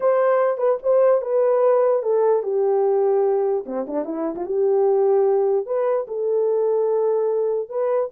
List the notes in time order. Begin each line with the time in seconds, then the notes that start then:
0.00 C5
0.57 B4
0.82 C5
1.21 B4
2.02 A4
2.42 G4
3.66 C4
3.87 D4
4.04 E4
4.35 F4
4.45 G4
5.66 B4
6.07 A4
7.69 B4